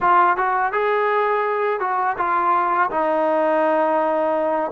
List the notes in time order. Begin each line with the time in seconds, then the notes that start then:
0.00 F4
0.36 F#4
0.72 G#4
1.80 F#4
2.17 F4
2.90 D#4